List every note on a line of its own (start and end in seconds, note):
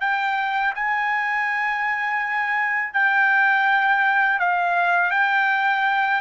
0.00 0.73 G5
0.75 2.93 G#5
2.93 4.39 G5
4.39 5.11 F5
5.11 6.21 G5